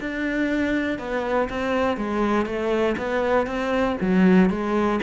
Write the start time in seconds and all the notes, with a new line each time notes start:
0.00 D4
0.98 B3
1.49 C4
1.97 G#3
2.45 A3
2.97 B3
3.46 C4
4.01 F#3
4.50 G#3